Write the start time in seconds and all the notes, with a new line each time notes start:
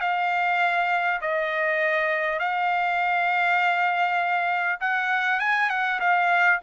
0.00 F5
1.21 D#5
2.39 F5
4.80 F#5
5.39 G#5
5.69 F#5
5.99 F5